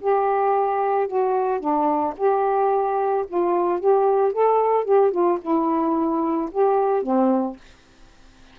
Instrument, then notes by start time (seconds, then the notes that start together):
saxophone
0.00 G4
1.07 F#4
1.59 D4
2.17 G4
3.27 F4
3.79 G4
4.32 A4
4.84 G4
5.11 F4
5.41 E4
6.51 G4
7.02 C4